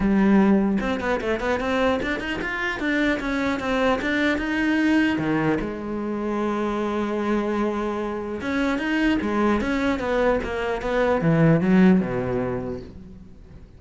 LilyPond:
\new Staff \with { instrumentName = "cello" } { \time 4/4 \tempo 4 = 150 g2 c'8 b8 a8 b8 | c'4 d'8 dis'8 f'4 d'4 | cis'4 c'4 d'4 dis'4~ | dis'4 dis4 gis2~ |
gis1~ | gis4 cis'4 dis'4 gis4 | cis'4 b4 ais4 b4 | e4 fis4 b,2 | }